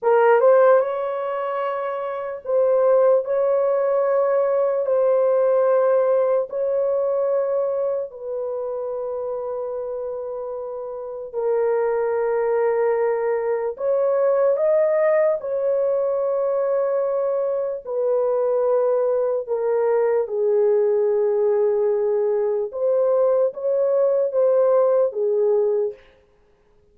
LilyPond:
\new Staff \with { instrumentName = "horn" } { \time 4/4 \tempo 4 = 74 ais'8 c''8 cis''2 c''4 | cis''2 c''2 | cis''2 b'2~ | b'2 ais'2~ |
ais'4 cis''4 dis''4 cis''4~ | cis''2 b'2 | ais'4 gis'2. | c''4 cis''4 c''4 gis'4 | }